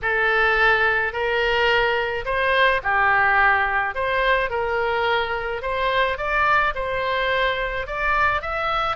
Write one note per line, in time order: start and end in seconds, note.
0.02 1.12 A4
1.12 2.24 A#4
2.25 2.81 C5
2.83 3.94 G4
3.94 4.50 C5
4.50 5.62 A#4
5.62 6.17 C5
6.17 6.73 D5
6.74 7.87 C5
7.87 8.41 D5
8.41 8.96 E5